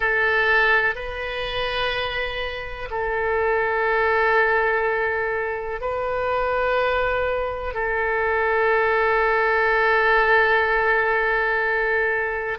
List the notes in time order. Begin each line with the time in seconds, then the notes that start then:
0.00 A4
0.95 B4
2.90 A4
5.81 B4
7.74 A4